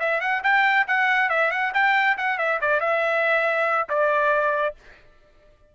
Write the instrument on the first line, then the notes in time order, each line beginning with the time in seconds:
trumpet
0.00 E5
0.21 F#5
0.43 G5
0.88 F#5
1.29 E5
1.51 F#5
1.74 G5
2.18 F#5
2.38 E5
2.61 D5
2.80 E5
3.89 D5